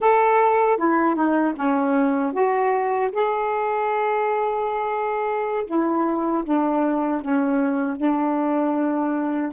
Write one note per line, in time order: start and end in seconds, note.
0.00 0.77 A4
0.77 1.15 E4
1.15 1.54 D#4
1.56 2.32 C#4
2.32 3.10 F#4
3.12 5.65 G#4
5.66 6.44 E4
6.44 7.21 D4
7.21 7.96 C#4
7.96 9.52 D4